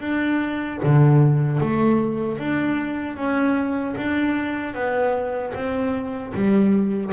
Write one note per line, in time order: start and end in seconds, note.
0.00 0.79 D4
0.83 1.60 D3
1.60 2.38 A3
2.38 3.16 D4
3.16 3.95 C#4
3.97 4.74 D4
4.74 5.53 B3
5.54 6.33 C4
6.34 7.13 G3